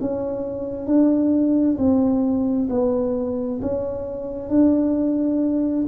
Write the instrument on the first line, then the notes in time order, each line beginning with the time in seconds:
tuba
0.00 C#4
0.86 D4
1.77 C4
2.69 B3
3.61 C#4
4.49 D4